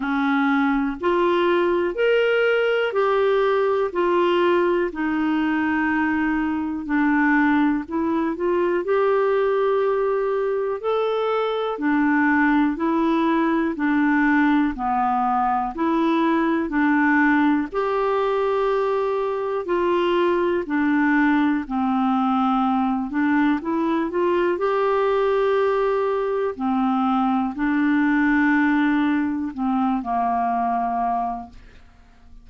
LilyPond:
\new Staff \with { instrumentName = "clarinet" } { \time 4/4 \tempo 4 = 61 cis'4 f'4 ais'4 g'4 | f'4 dis'2 d'4 | e'8 f'8 g'2 a'4 | d'4 e'4 d'4 b4 |
e'4 d'4 g'2 | f'4 d'4 c'4. d'8 | e'8 f'8 g'2 c'4 | d'2 c'8 ais4. | }